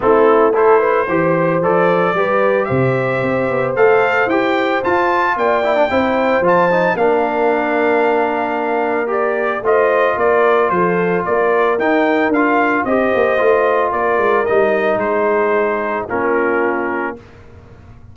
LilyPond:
<<
  \new Staff \with { instrumentName = "trumpet" } { \time 4/4 \tempo 4 = 112 a'4 c''2 d''4~ | d''4 e''2 f''4 | g''4 a''4 g''2 | a''4 f''2.~ |
f''4 d''4 dis''4 d''4 | c''4 d''4 g''4 f''4 | dis''2 d''4 dis''4 | c''2 ais'2 | }
  \new Staff \with { instrumentName = "horn" } { \time 4/4 e'4 a'8 b'8 c''2 | b'4 c''2.~ | c''2 d''4 c''4~ | c''4 ais'2.~ |
ais'2 c''4 ais'4 | a'4 ais'2. | c''2 ais'2 | gis'2 f'2 | }
  \new Staff \with { instrumentName = "trombone" } { \time 4/4 c'4 e'4 g'4 a'4 | g'2. a'4 | g'4 f'4. e'16 d'16 e'4 | f'8 dis'8 d'2.~ |
d'4 g'4 f'2~ | f'2 dis'4 f'4 | g'4 f'2 dis'4~ | dis'2 cis'2 | }
  \new Staff \with { instrumentName = "tuba" } { \time 4/4 a2 e4 f4 | g4 c4 c'8 b8 a4 | e'4 f'4 ais4 c'4 | f4 ais2.~ |
ais2 a4 ais4 | f4 ais4 dis'4 d'4 | c'8 ais8 a4 ais8 gis8 g4 | gis2 ais2 | }
>>